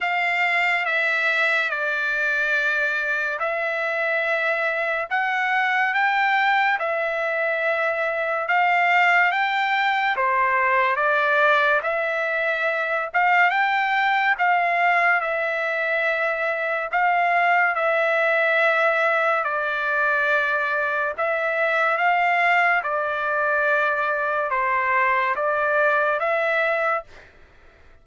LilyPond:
\new Staff \with { instrumentName = "trumpet" } { \time 4/4 \tempo 4 = 71 f''4 e''4 d''2 | e''2 fis''4 g''4 | e''2 f''4 g''4 | c''4 d''4 e''4. f''8 |
g''4 f''4 e''2 | f''4 e''2 d''4~ | d''4 e''4 f''4 d''4~ | d''4 c''4 d''4 e''4 | }